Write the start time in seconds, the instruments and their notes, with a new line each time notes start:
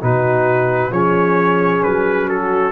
0.00 tuba B2, trombone D#4, horn F#4, trumpet B4
0.91 tuba F3, trombone C#4, horn G#4, trumpet C#5
1.83 tuba F#3, trumpet B4
2.28 horn F#4, trumpet A4